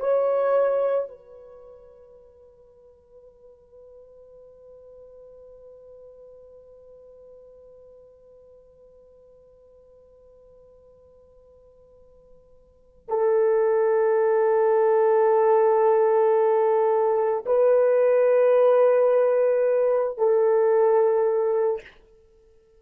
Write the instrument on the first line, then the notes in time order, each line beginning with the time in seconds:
horn
0.00 C#5
1.09 B4
13.09 A4
17.46 B4
20.18 A4